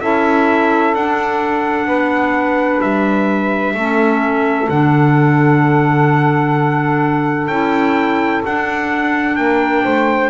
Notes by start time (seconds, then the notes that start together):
0.00 C#4 E4 A4 E5
0.94 D4 F#5
1.86 B3 B4
2.81 G3 E5
3.74 A3 C#4 A4
4.69 D3 D4 F#5
7.47 C#4 E4 G5
8.46 D4 F#5
9.36 A#3 A#4 G5
9.83 A3 C5